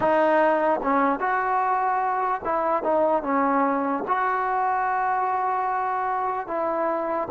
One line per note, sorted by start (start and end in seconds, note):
0.00 0.80 D#4
0.83 1.19 C#4
1.19 2.41 F#4
2.44 2.83 E4
2.83 3.22 D#4
3.22 4.04 C#4
4.07 6.47 F#4
6.47 7.28 E4